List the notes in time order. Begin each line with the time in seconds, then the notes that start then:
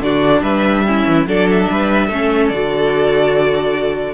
0.00 D3 D4 F#4 D5
0.42 G3 B4 E5
0.86 C#4 E4
1.07 E3
1.26 F#3 D4 A4 D5
1.50 E5
1.70 G3 B4
2.07 A3 C#4 A4
2.49 D3 F#4 D5